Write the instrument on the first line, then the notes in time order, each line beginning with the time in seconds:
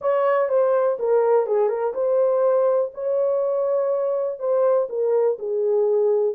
horn
0.01 C#5
0.49 C5
0.99 A#4
1.46 G#4
1.68 A#4
1.94 C5
2.94 C#5
4.39 C5
4.89 A#4
5.38 G#4